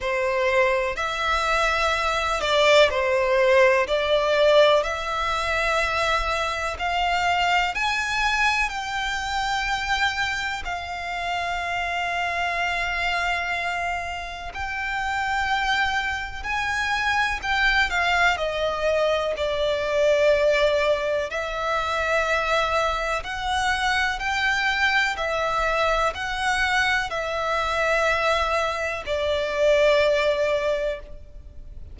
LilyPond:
\new Staff \with { instrumentName = "violin" } { \time 4/4 \tempo 4 = 62 c''4 e''4. d''8 c''4 | d''4 e''2 f''4 | gis''4 g''2 f''4~ | f''2. g''4~ |
g''4 gis''4 g''8 f''8 dis''4 | d''2 e''2 | fis''4 g''4 e''4 fis''4 | e''2 d''2 | }